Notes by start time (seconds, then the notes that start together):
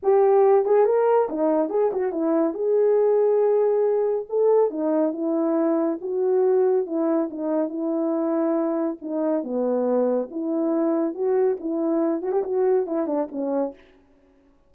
0.02 G4
0.65 G#4
0.85 A#4
1.29 D#4
1.69 G#4
1.93 F#4
2.12 E4
2.54 G#4
4.29 A4
4.70 D#4
5.12 E4
6.01 F#4
6.86 E4
7.30 D#4
7.68 E4
9.01 D#4
9.43 B3
10.30 E4
11.14 F#4
11.60 E4
12.22 F#4
12.32 G4
12.43 F#4
12.86 E4
13.06 D4
13.31 C#4